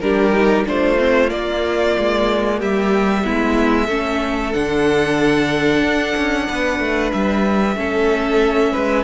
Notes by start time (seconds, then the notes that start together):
0.00 G3 D4 G4 A#4
0.33 D#4
0.65 A3 D4 F4 C5
0.98 C4
1.28 A#3 D5
1.97 G#3
2.58 G3 G4 E5
3.24 G#3 B3 E4
3.86 A3 C#4 A4
4.53 D3 D4 F#5
5.83 D4
6.17 C#4
6.47 B3 B4
6.79 A3
7.12 G3 E5
7.75 A3 C#4 A4
8.72 G#3 B4